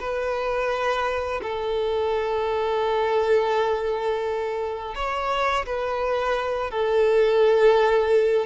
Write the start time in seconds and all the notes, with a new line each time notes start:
0.00 B4
1.42 A4
4.95 C#5
5.66 B4
6.71 A4